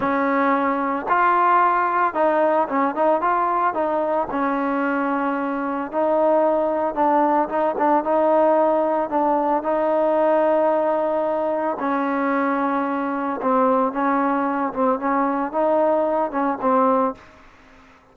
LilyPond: \new Staff \with { instrumentName = "trombone" } { \time 4/4 \tempo 4 = 112 cis'2 f'2 | dis'4 cis'8 dis'8 f'4 dis'4 | cis'2. dis'4~ | dis'4 d'4 dis'8 d'8 dis'4~ |
dis'4 d'4 dis'2~ | dis'2 cis'2~ | cis'4 c'4 cis'4. c'8 | cis'4 dis'4. cis'8 c'4 | }